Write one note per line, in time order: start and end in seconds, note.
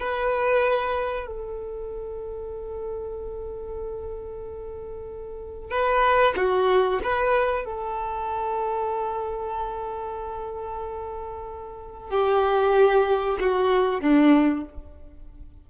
0.00 1.27 B4
1.27 5.71 A4
5.71 6.35 B4
6.37 7.00 F#4
7.04 7.65 B4
7.65 12.11 A4
12.11 13.38 G4
13.40 14.01 F#4
14.01 14.65 D4